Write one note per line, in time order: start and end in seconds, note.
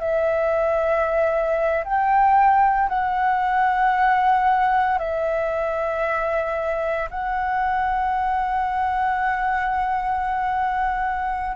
0.00 1.84 E5
1.85 2.89 G5
2.89 4.99 F#5
4.99 7.10 E5
7.11 11.56 F#5